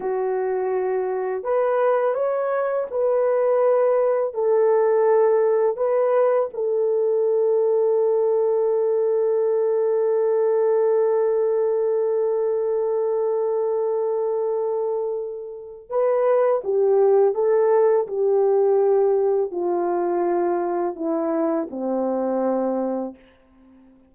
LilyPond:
\new Staff \with { instrumentName = "horn" } { \time 4/4 \tempo 4 = 83 fis'2 b'4 cis''4 | b'2 a'2 | b'4 a'2.~ | a'1~ |
a'1~ | a'2 b'4 g'4 | a'4 g'2 f'4~ | f'4 e'4 c'2 | }